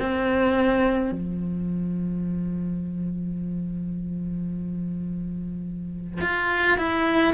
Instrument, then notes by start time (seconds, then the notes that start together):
cello
0.00 C4
1.12 F3
6.21 F4
6.78 E4